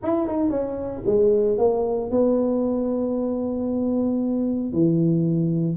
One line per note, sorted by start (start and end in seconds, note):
0.02 0.27 E4
0.27 0.50 D#4
0.50 1.02 C#4
1.06 1.58 G#3
1.58 2.11 A#3
2.11 4.72 B3
4.72 5.77 E3